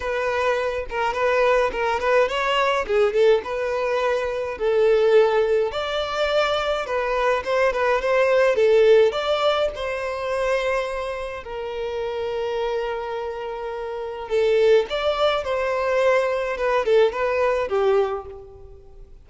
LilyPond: \new Staff \with { instrumentName = "violin" } { \time 4/4 \tempo 4 = 105 b'4. ais'8 b'4 ais'8 b'8 | cis''4 gis'8 a'8 b'2 | a'2 d''2 | b'4 c''8 b'8 c''4 a'4 |
d''4 c''2. | ais'1~ | ais'4 a'4 d''4 c''4~ | c''4 b'8 a'8 b'4 g'4 | }